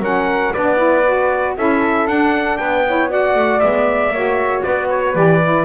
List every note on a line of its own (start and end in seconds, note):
0.00 0.51 F#3
0.00 0.54 C#4
0.00 0.53 A#4
0.00 0.54 F#5
0.54 1.58 B3
0.54 0.77 D4
0.54 1.56 B4
0.54 1.56 D5
0.77 1.03 E4
1.06 1.57 F#4
1.57 2.07 C#4
1.57 2.08 E4
1.57 2.59 A4
1.57 2.08 E5
2.07 2.58 D4
2.07 2.85 D4
2.07 2.58 F#5
2.58 3.36 B3
2.58 2.85 B4
2.58 3.09 G5
2.87 3.09 E4
2.87 3.11 C#5
3.09 3.61 F#4
3.09 4.14 D5
3.09 3.60 F#5
3.36 3.61 A3
3.60 4.11 G#3
3.60 4.13 B3
3.60 4.63 E5
4.11 4.62 A#3
4.11 5.15 F#4
4.11 4.65 C#5
4.63 5.15 B3
4.63 5.65 B4
4.63 4.88 D5
4.90 5.16 C#5
5.15 5.65 E3
5.15 5.40 G4
5.15 5.65 D5
5.43 5.65 E4